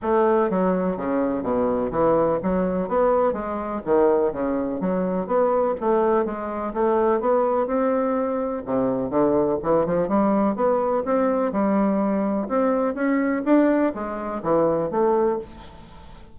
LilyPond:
\new Staff \with { instrumentName = "bassoon" } { \time 4/4 \tempo 4 = 125 a4 fis4 cis4 b,4 | e4 fis4 b4 gis4 | dis4 cis4 fis4 b4 | a4 gis4 a4 b4 |
c'2 c4 d4 | e8 f8 g4 b4 c'4 | g2 c'4 cis'4 | d'4 gis4 e4 a4 | }